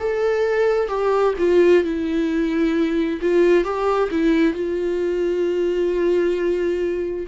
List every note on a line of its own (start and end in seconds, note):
0.00 0.88 A4
0.88 1.34 G4
1.39 1.84 F4
1.84 3.20 E4
3.21 3.64 F4
3.64 4.10 G4
4.11 4.54 E4
4.54 7.27 F4